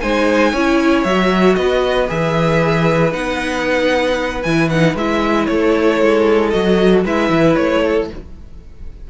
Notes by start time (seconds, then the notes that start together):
0.00 G#3 D#4 C5 G#5
0.52 C#4 E4 C#5
1.03 F#3 F#4 E5
1.55 B3 B4 D#5
2.07 E3 G#4 E5
3.11 B3 D#4 F#5
4.42 E3 E4 G#5
4.69 D#4 F#5
4.95 G#3 E4 E5
5.46 A3 A4 C#5
6.01 G#3
6.50 F#3 F#4 D#5
7.04 G#3 E4 B4 E5
7.29 E3
7.55 A3 C#5
7.82 A4